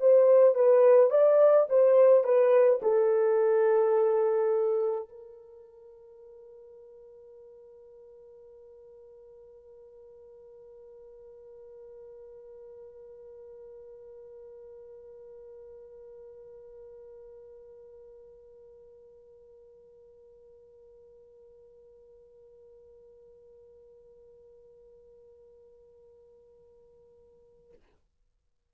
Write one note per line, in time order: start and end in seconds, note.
0.00 0.55 C5
0.55 1.10 B4
1.10 1.67 D5
1.69 2.24 C5
2.24 2.80 B4
2.82 5.08 A4
5.08 27.73 A#4